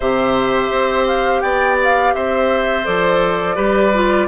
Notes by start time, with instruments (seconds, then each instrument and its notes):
0.00 bassoon C3, clarinet G4, oboe C5, flute E5
0.70 bassoon C4
1.07 flute F5
1.40 bassoon B3, oboe D5, flute G5
1.83 flute F5
2.14 bassoon C4, oboe C5, flute E5
2.84 bassoon F3, clarinet A4, flute D5
3.55 bassoon G3, clarinet G4, oboe B4
3.93 clarinet F4